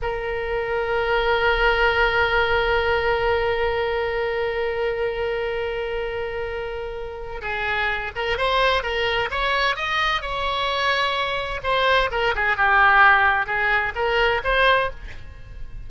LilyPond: \new Staff \with { instrumentName = "oboe" } { \time 4/4 \tempo 4 = 129 ais'1~ | ais'1~ | ais'1~ | ais'1 |
gis'4. ais'8 c''4 ais'4 | cis''4 dis''4 cis''2~ | cis''4 c''4 ais'8 gis'8 g'4~ | g'4 gis'4 ais'4 c''4 | }